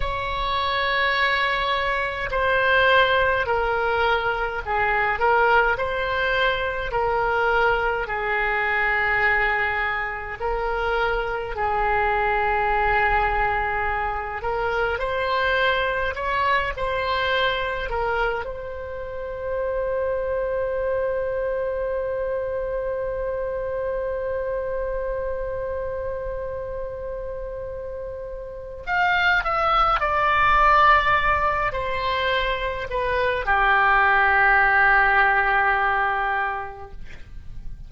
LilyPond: \new Staff \with { instrumentName = "oboe" } { \time 4/4 \tempo 4 = 52 cis''2 c''4 ais'4 | gis'8 ais'8 c''4 ais'4 gis'4~ | gis'4 ais'4 gis'2~ | gis'8 ais'8 c''4 cis''8 c''4 ais'8 |
c''1~ | c''1~ | c''4 f''8 e''8 d''4. c''8~ | c''8 b'8 g'2. | }